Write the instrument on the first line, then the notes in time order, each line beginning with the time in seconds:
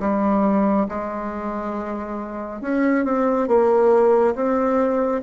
bassoon
0.00 G3
0.89 G#3
2.62 C#4
3.05 C4
3.48 A#3
4.35 C4